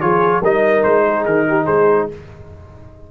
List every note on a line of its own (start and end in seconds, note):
0.00 0.42 F3
0.00 0.42 F4
0.00 0.42 G#4
0.00 0.42 C#5
0.42 0.83 G3
0.42 2.11 D#4
0.42 1.04 A#4
0.42 0.83 D#5
0.83 1.25 G#3
0.83 1.25 C5
1.05 1.47 G#4
1.25 1.66 D#3
1.25 1.66 A#4
1.47 1.64 G4
1.64 2.08 G#3
1.64 2.05 G#4
1.64 2.07 C5